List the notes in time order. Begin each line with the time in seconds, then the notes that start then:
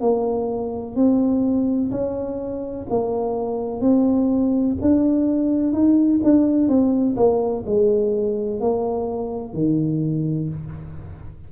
0.00 A#3
0.95 C4
1.91 C#4
2.89 A#3
3.81 C4
4.81 D4
5.73 D#4
6.23 D4
6.68 C4
7.16 A#3
7.66 G#3
8.60 A#3
9.54 D#3